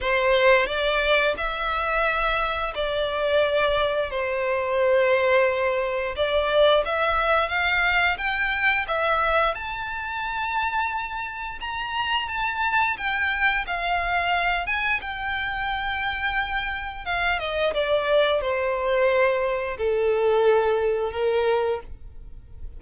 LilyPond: \new Staff \with { instrumentName = "violin" } { \time 4/4 \tempo 4 = 88 c''4 d''4 e''2 | d''2 c''2~ | c''4 d''4 e''4 f''4 | g''4 e''4 a''2~ |
a''4 ais''4 a''4 g''4 | f''4. gis''8 g''2~ | g''4 f''8 dis''8 d''4 c''4~ | c''4 a'2 ais'4 | }